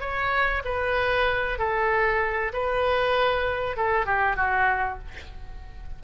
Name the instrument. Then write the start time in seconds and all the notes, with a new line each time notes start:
oboe
0.00 C#5
0.65 B4
1.59 A4
2.53 B4
3.77 A4
4.06 G4
4.36 F#4